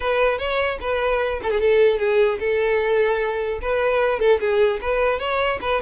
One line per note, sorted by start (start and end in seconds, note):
0.00 0.38 B4
0.38 0.78 C#5
0.80 1.40 B4
1.42 1.51 A4
1.51 1.60 G#4
1.60 1.98 A4
1.98 2.38 G#4
2.39 3.59 A4
3.61 4.19 B4
4.19 4.39 A4
4.39 4.79 G#4
4.81 5.19 B4
5.19 5.59 C#5
5.61 5.81 B4